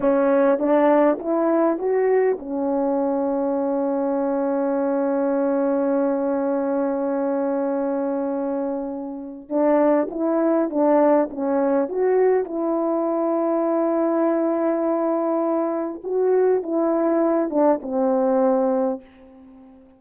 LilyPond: \new Staff \with { instrumentName = "horn" } { \time 4/4 \tempo 4 = 101 cis'4 d'4 e'4 fis'4 | cis'1~ | cis'1~ | cis'1 |
d'4 e'4 d'4 cis'4 | fis'4 e'2.~ | e'2. fis'4 | e'4. d'8 c'2 | }